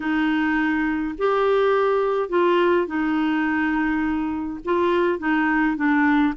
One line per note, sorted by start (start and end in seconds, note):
0.00 1.15 D#4
1.18 2.29 G4
2.29 2.86 F4
2.86 4.59 D#4
4.64 5.18 F4
5.18 5.76 D#4
5.76 6.34 D4